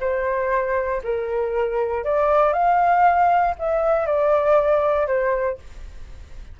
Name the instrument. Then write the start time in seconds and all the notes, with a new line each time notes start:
flute
0.00 C5
1.03 A#4
2.04 D5
2.53 F5
3.58 E5
4.06 D5
5.07 C5